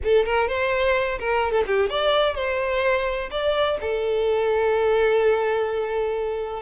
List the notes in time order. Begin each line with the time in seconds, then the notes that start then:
0.04 A4
0.25 A#4
0.48 C5
1.19 A#4
1.51 A4
1.67 G4
1.89 D5
2.35 C5
3.30 D5
3.80 A4